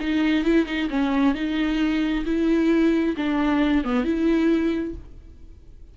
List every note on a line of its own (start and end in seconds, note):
0.00 0.44 D#4
0.44 0.66 E4
0.66 0.89 D#4
0.90 1.35 C#4
1.35 2.25 D#4
2.25 3.16 E4
3.17 3.84 D4
3.84 4.04 B3
4.04 4.94 E4